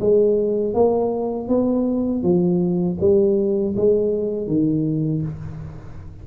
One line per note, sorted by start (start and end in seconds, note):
0.00 0.74 G#3
0.74 1.49 A#3
1.49 2.23 B3
2.23 2.98 F3
3.01 3.76 G3
3.77 4.48 G#3
4.48 5.23 D#3